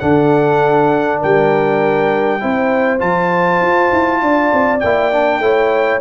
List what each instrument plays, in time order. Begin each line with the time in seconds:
0.00 tuba D3, trombone D4, horn A4, trumpet F#5
1.19 tuba G3, horn A#4, trumpet G5
2.40 tuba C4, trombone E4, horn C5
2.99 tuba F3, trombone F4, trumpet A5
3.61 tuba F4
3.92 tuba E4
4.22 tuba D4, horn D5
4.53 tuba C4
4.79 tuba A#3, trombone E4, trumpet G5
5.12 trombone D4
5.39 tuba A3, trombone E4, horn C#5